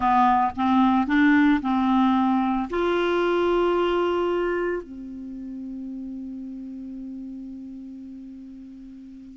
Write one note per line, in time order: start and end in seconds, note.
0.00 0.51 B3
0.56 1.07 C4
1.07 1.60 D4
1.61 2.68 C4
2.70 4.82 F4
4.82 9.37 C4